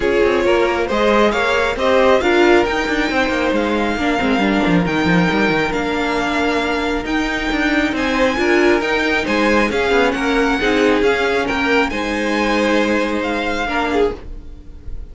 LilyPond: <<
  \new Staff \with { instrumentName = "violin" } { \time 4/4 \tempo 4 = 136 cis''2 dis''4 f''4 | dis''4 f''4 g''2 | f''2. g''4~ | g''4 f''2. |
g''2 gis''2 | g''4 gis''4 f''4 fis''4~ | fis''4 f''4 g''4 gis''4~ | gis''2 f''2 | }
  \new Staff \with { instrumentName = "violin" } { \time 4/4 gis'4 ais'4 c''4 cis''4 | c''4 ais'2 c''4~ | c''4 ais'2.~ | ais'1~ |
ais'2 c''4 ais'4~ | ais'4 c''4 gis'4 ais'4 | gis'2 ais'4 c''4~ | c''2. ais'8 gis'8 | }
  \new Staff \with { instrumentName = "viola" } { \time 4/4 f'2 gis'2 | g'4 f'4 dis'2~ | dis'4 d'8 c'8 d'4 dis'4~ | dis'4 d'2. |
dis'2. f'4 | dis'2 cis'2 | dis'4 cis'2 dis'4~ | dis'2. d'4 | }
  \new Staff \with { instrumentName = "cello" } { \time 4/4 cis'8 c'8 ais4 gis4 ais4 | c'4 d'4 dis'8 d'8 c'8 ais8 | gis4 ais8 gis8 g8 f8 dis8 f8 | g8 dis8 ais2. |
dis'4 d'4 c'4 d'4 | dis'4 gis4 cis'8 b8 ais4 | c'4 cis'4 ais4 gis4~ | gis2. ais4 | }
>>